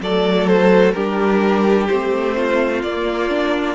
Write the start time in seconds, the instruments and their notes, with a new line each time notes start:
0.00 cello F#3, viola A3, violin A4 D5
0.47 violin C5
0.91 cello G3, viola D4, violin G4 A#4
1.88 cello A3, viola C4, violin C5
2.36 violin F4
2.82 cello A#3, viola A#3, violin D5
3.29 viola D4